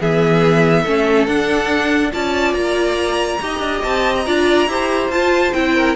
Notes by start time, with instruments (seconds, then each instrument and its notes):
0.00 cello E3, viola B3, violin G#4 E5
0.83 cello A3, viola C#4, violin A4
1.27 cello D4, viola D4, violin F#5
2.12 cello C#4, viola F4, violin D5 A5
2.54 cello A#3, violin A#5
3.41 cello D#4, viola G4, violin D#5
3.59 cello D4
3.84 cello C4, violin A5
4.15 violin A#5
4.26 cello D4, viola F4, violin D5
4.67 cello E4, viola G4, violin C5
5.08 cello F4, viola F4, violin A5
5.53 cello C4, viola E4, violin G5
5.76 violin A#4